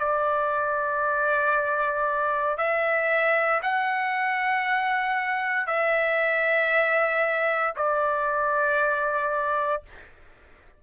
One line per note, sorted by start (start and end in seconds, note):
0.00 2.58 D5
2.58 3.62 E5
3.63 5.67 F#5
5.67 7.74 E5
7.76 9.83 D5